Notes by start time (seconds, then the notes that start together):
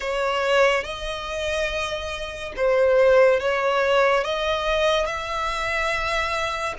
0.00 C#5
0.83 D#5
2.56 C5
3.40 C#5
4.24 D#5
5.06 E5